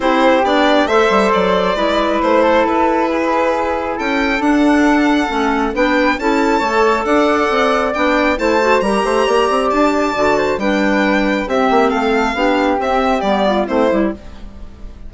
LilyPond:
<<
  \new Staff \with { instrumentName = "violin" } { \time 4/4 \tempo 4 = 136 c''4 d''4 e''4 d''4~ | d''4 c''4 b'2~ | b'4 g''4 fis''2~ | fis''4 g''4 a''2 |
fis''2 g''4 a''4 | ais''2 a''2 | g''2 e''4 f''4~ | f''4 e''4 d''4 c''4 | }
  \new Staff \with { instrumentName = "flute" } { \time 4/4 g'2 c''2 | b'4. a'4. gis'4~ | gis'4 a'2.~ | a'4 b'4 a'4 cis''4 |
d''2. c''4 | ais'8 c''8 d''2~ d''8 c''8 | b'2 g'4 a'4 | g'2~ g'8 f'8 e'4 | }
  \new Staff \with { instrumentName = "clarinet" } { \time 4/4 e'4 d'4 a'2 | e'1~ | e'2 d'2 | cis'4 d'4 e'4 a'4~ |
a'2 d'4 e'8 fis'8 | g'2. fis'4 | d'2 c'2 | d'4 c'4 b4 c'8 e'8 | }
  \new Staff \with { instrumentName = "bassoon" } { \time 4/4 c'4 b4 a8 g8 fis4 | gis4 a4 e'2~ | e'4 cis'4 d'2 | a4 b4 cis'4 a4 |
d'4 c'4 b4 a4 | g8 a8 ais8 c'8 d'4 d4 | g2 c'8 ais8 a4 | b4 c'4 g4 a8 g8 | }
>>